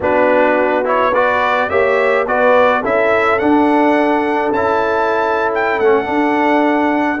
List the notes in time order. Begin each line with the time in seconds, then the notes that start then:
0.00 B3 D4 F#4 B4
0.84 E4 C#5
1.12 F#4 B4 D5
1.69 A#3 G4 C#5 E5
2.26 B3 F#4 B4 D5
2.81 C#4 E4 A4 E5
3.39 D4 F#5
4.52 C#4 E4 A5
5.54 G5
5.79 A3 C#4 F#5
6.04 D4